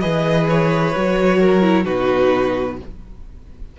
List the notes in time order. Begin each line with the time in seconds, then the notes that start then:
0.00 E3 G#4 B4 D#5
0.49 C#5
0.96 F#3 F#4
1.40 A#4
1.62 E4
1.84 B2 D#4 F#4 B4